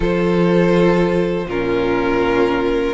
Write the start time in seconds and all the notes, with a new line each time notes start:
0.00 F3 F4 A4 C5
1.46 A#2 C#4 F4 A#4